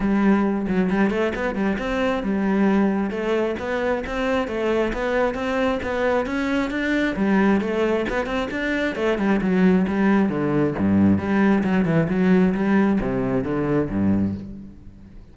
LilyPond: \new Staff \with { instrumentName = "cello" } { \time 4/4 \tempo 4 = 134 g4. fis8 g8 a8 b8 g8 | c'4 g2 a4 | b4 c'4 a4 b4 | c'4 b4 cis'4 d'4 |
g4 a4 b8 c'8 d'4 | a8 g8 fis4 g4 d4 | g,4 g4 fis8 e8 fis4 | g4 c4 d4 g,4 | }